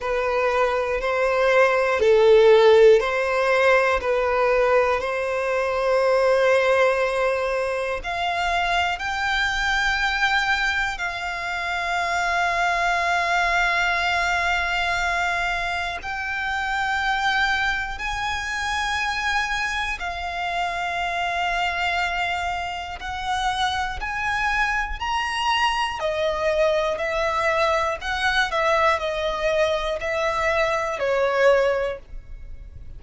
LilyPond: \new Staff \with { instrumentName = "violin" } { \time 4/4 \tempo 4 = 60 b'4 c''4 a'4 c''4 | b'4 c''2. | f''4 g''2 f''4~ | f''1 |
g''2 gis''2 | f''2. fis''4 | gis''4 ais''4 dis''4 e''4 | fis''8 e''8 dis''4 e''4 cis''4 | }